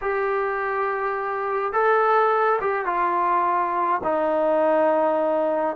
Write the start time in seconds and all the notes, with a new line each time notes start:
0.01 G4
1.73 A4
2.60 G4
2.85 F4
4.03 D#4